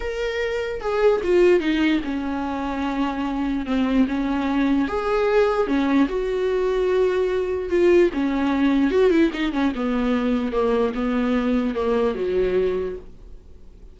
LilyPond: \new Staff \with { instrumentName = "viola" } { \time 4/4 \tempo 4 = 148 ais'2 gis'4 f'4 | dis'4 cis'2.~ | cis'4 c'4 cis'2 | gis'2 cis'4 fis'4~ |
fis'2. f'4 | cis'2 fis'8 e'8 dis'8 cis'8 | b2 ais4 b4~ | b4 ais4 fis2 | }